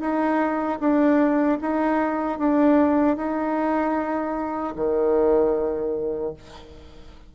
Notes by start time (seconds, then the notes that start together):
0.00 D#4
0.80 D4
1.61 D#4
2.39 D4
3.17 D#4
4.76 D#3